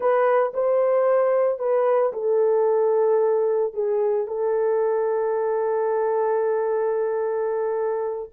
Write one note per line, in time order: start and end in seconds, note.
0.00 0.52 B4
0.53 1.59 C5
1.59 2.12 B4
2.13 3.73 A4
3.73 4.27 G#4
4.27 8.29 A4